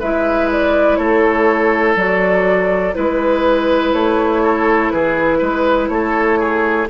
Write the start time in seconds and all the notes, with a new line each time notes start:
0.00 G#3 E4 B4 E5
0.52 D5
0.96 A3 A4 C#5
1.95 F#3 F#4 D5
2.94 G#3 E4 B4
3.93 A3 C#5
4.43 A4
4.91 E3 G#4 B4
5.38 G#3 B4
5.89 A3 A4 C#5
6.39 G#4